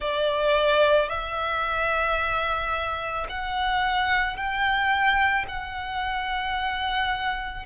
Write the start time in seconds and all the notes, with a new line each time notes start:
0.00 D5
1.09 E5
3.29 F#5
4.36 G5
5.48 F#5